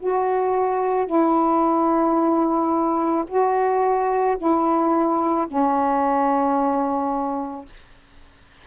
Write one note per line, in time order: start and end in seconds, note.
0.00 1.07 F#4
1.07 3.25 E4
3.28 4.37 F#4
4.38 5.47 E4
5.47 7.66 C#4